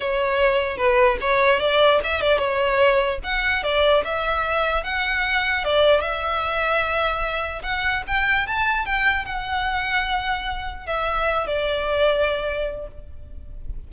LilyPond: \new Staff \with { instrumentName = "violin" } { \time 4/4 \tempo 4 = 149 cis''2 b'4 cis''4 | d''4 e''8 d''8 cis''2 | fis''4 d''4 e''2 | fis''2 d''4 e''4~ |
e''2. fis''4 | g''4 a''4 g''4 fis''4~ | fis''2. e''4~ | e''8 d''2.~ d''8 | }